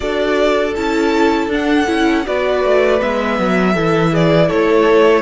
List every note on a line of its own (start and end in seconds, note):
0.00 0.75 D4
0.00 0.74 F#4
0.00 2.26 A4
0.00 0.74 D5
0.75 1.47 C#4
0.75 1.50 E4
0.75 1.50 A5
1.47 1.84 D4
1.47 1.87 D4
1.53 2.26 F#5
1.87 2.26 C#4
1.87 2.24 E4
2.25 2.63 B3
2.25 3.00 F#4
2.25 3.73 B4
2.25 3.01 D5
2.63 3.01 A3
3.00 3.38 G#3
3.00 3.75 B3
3.00 4.14 E5
3.38 3.75 F#3
3.73 4.50 E3
3.73 5.22 E4
3.73 4.10 A4
4.11 4.48 G#4
4.11 4.50 D5
4.48 5.22 A3
4.48 5.22 A4
4.48 5.22 C#5